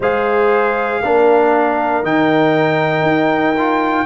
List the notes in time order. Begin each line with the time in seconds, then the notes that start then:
0.00 G#3 G#4 C5 F5
1.02 A#3 D4 A#4
2.03 D#3 D#4 G5
3.01 D#4
3.57 F4